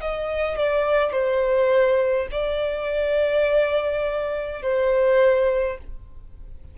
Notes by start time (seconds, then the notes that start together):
0.00 D#5
0.58 D5
1.12 C5
2.31 D5
4.62 C5